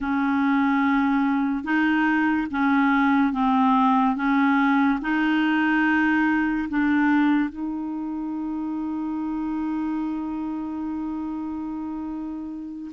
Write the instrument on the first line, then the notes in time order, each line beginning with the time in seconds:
clarinet
0.00 C#4
1.64 D#4
2.50 C#4
3.32 C4
4.16 C#4
5.02 D#4
6.69 D4
7.49 D#4